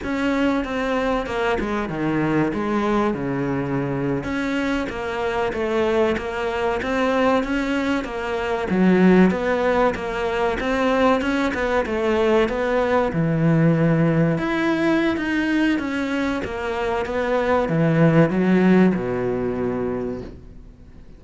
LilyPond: \new Staff \with { instrumentName = "cello" } { \time 4/4 \tempo 4 = 95 cis'4 c'4 ais8 gis8 dis4 | gis4 cis4.~ cis16 cis'4 ais16~ | ais8. a4 ais4 c'4 cis'16~ | cis'8. ais4 fis4 b4 ais16~ |
ais8. c'4 cis'8 b8 a4 b16~ | b8. e2 e'4~ e'16 | dis'4 cis'4 ais4 b4 | e4 fis4 b,2 | }